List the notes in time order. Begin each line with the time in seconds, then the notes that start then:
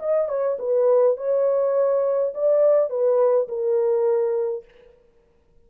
0.00 D#5
0.29 C#5
0.59 B4
1.17 C#5
2.35 D5
2.90 B4
3.49 A#4